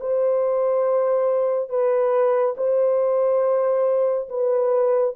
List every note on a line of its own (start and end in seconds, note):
0.00 1.69 C5
1.69 2.55 B4
2.57 4.28 C5
4.29 5.14 B4